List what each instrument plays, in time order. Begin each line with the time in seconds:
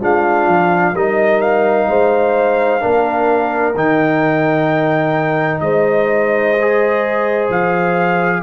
0.00 tuba G#3, trombone D4, horn F4, trumpet F5
0.47 tuba F3
0.93 tuba G3, trombone D#4, horn A#4, trumpet D#5
1.41 trumpet F5
1.88 tuba G#3, horn C5
2.80 tuba A#3, trombone D4, horn A#4
3.75 tuba D#3, trombone D#4, trumpet G5
5.60 tuba G#3, horn C5, trumpet D#5
6.61 trombone G#4
7.50 tuba F3, trumpet F5